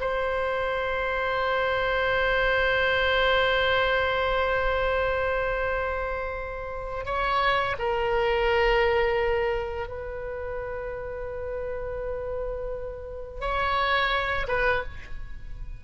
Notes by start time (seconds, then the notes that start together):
0.00 C5
7.05 C#5
7.78 A#4
9.88 B4
13.41 C#5
14.48 B4